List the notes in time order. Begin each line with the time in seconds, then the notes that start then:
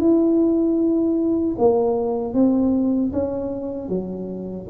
0.00 E4
1.59 A#3
2.34 C4
3.13 C#4
3.89 F#3